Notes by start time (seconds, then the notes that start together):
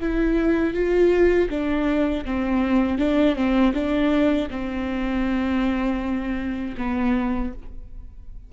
0.00 E4
0.74 F4
1.50 D4
2.25 C4
2.98 D4
3.36 C4
3.74 D4
4.51 C4
6.78 B3